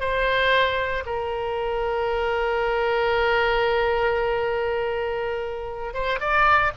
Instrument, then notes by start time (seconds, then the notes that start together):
oboe
0.00 C5
1.06 A#4
5.93 C5
6.20 D5